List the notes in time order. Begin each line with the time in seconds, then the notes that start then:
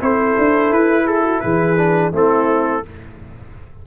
0.00 C4 E4 A4 C5
0.38 D4
0.71 E4 B4
1.04 G#4 A4
1.22 F#4
1.40 E3 G#4 B4
1.76 D4
2.12 A3 C4 E4 A4